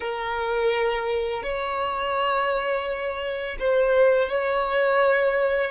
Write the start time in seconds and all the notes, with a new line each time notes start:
0.00 A#4
1.42 C#5
3.59 C5
4.29 C#5